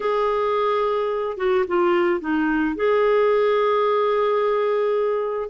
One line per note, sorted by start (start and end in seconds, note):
0.00 1.37 G#4
1.37 1.64 F#4
1.67 2.20 F4
2.20 2.75 D#4
2.75 5.49 G#4